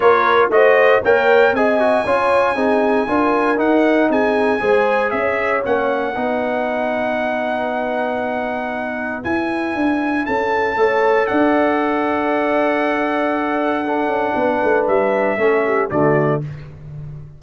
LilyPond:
<<
  \new Staff \with { instrumentName = "trumpet" } { \time 4/4 \tempo 4 = 117 cis''4 dis''4 g''4 gis''4~ | gis''2. fis''4 | gis''2 e''4 fis''4~ | fis''1~ |
fis''2 gis''2 | a''2 fis''2~ | fis''1~ | fis''4 e''2 d''4 | }
  \new Staff \with { instrumentName = "horn" } { \time 4/4 ais'4 c''4 cis''4 dis''4 | cis''4 gis'4 ais'2 | gis'4 c''4 cis''2 | b'1~ |
b'1 | a'4 cis''4 d''2~ | d''2. a'4 | b'2 a'8 g'8 fis'4 | }
  \new Staff \with { instrumentName = "trombone" } { \time 4/4 f'4 fis'4 ais'4 gis'8 fis'8 | f'4 dis'4 f'4 dis'4~ | dis'4 gis'2 cis'4 | dis'1~ |
dis'2 e'2~ | e'4 a'2.~ | a'2. d'4~ | d'2 cis'4 a4 | }
  \new Staff \with { instrumentName = "tuba" } { \time 4/4 ais4 a4 ais4 c'4 | cis'4 c'4 d'4 dis'4 | c'4 gis4 cis'4 ais4 | b1~ |
b2 e'4 d'4 | cis'4 a4 d'2~ | d'2.~ d'8 cis'8 | b8 a8 g4 a4 d4 | }
>>